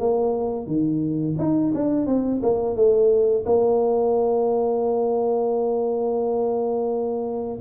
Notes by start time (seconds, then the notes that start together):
0.00 A#3
0.67 D#3
1.39 D#4
1.75 D4
2.07 C4
2.43 A#3
2.76 A3
3.46 A#3